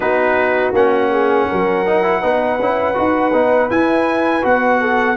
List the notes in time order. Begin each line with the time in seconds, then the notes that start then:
0.00 B3 D#4 F#4 B4
0.72 A#3 C#4 F#5
1.10 G#4
1.48 F#3 A#4
1.85 D#4
2.03 E4
2.22 B3 D#4 B4
2.59 C#4 E4
2.94 D#4 F#4
3.32 B3 D#4
3.70 E4 G#5
4.42 B3 F#4 F#5
4.80 A4